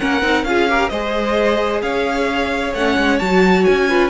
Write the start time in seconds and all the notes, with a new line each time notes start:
0.00 A#3 C#4 A#4 F#5
0.22 C4 D#4
0.44 C#4 F4 G#4 F5
0.69 G4 A#4
0.89 G#3 G#4 C5 D#5
1.82 C#4 C#5 F5
2.74 A3 C#4 F#5
2.98 G#3
3.19 F#3 F#4 A5
3.65 C#4 G#5
3.89 F4 B4